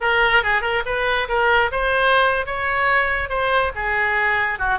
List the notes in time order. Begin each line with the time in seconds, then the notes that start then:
0.01 A#4
0.43 G#4
0.61 A#4
0.85 B4
1.28 A#4
1.71 C5
2.46 C#5
3.29 C5
3.75 G#4
4.58 F#4